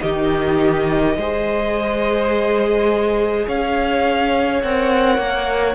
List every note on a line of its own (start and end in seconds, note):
0.00 1.16 D#3
0.00 1.15 D#4
0.00 1.18 G4
0.00 3.47 D#5
1.16 3.47 G#3
1.16 4.63 G#4
1.16 3.47 C5
3.47 4.63 C#4
3.47 5.75 C#5
3.47 4.62 F5
4.62 5.18 C4
4.62 5.75 A#4
4.62 5.75 F#5
5.18 5.75 A#3